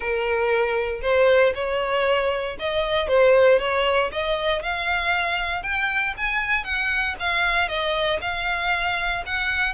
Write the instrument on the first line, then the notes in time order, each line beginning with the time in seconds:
violin
0.00 A#4
1.01 C5
1.54 C#5
2.59 D#5
3.07 C5
3.59 C#5
4.12 D#5
4.62 F5
5.62 G5
6.17 G#5
6.64 F#5
7.19 F5
7.68 D#5
8.21 F5
9.26 F#5